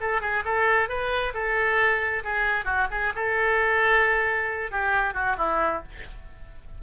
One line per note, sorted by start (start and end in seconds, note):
0.00 0.21 A4
0.21 0.43 G#4
0.44 0.88 A4
0.88 1.33 B4
1.34 2.23 A4
2.24 2.65 G#4
2.65 2.87 F#4
2.90 3.13 G#4
3.15 4.71 A4
4.71 5.14 G4
5.14 5.36 F#4
5.37 5.82 E4